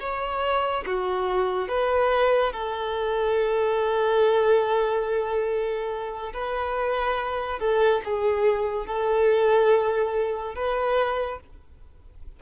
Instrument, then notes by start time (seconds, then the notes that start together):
violin
0.00 C#5
0.86 F#4
1.68 B4
2.53 A4
6.33 B4
7.59 A4
8.05 G#4
8.86 A4
10.55 B4